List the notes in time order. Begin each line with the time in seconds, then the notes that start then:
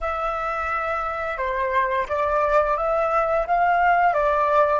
0.01 E5
1.37 C5
2.08 D5
2.77 E5
3.46 F5
4.13 D5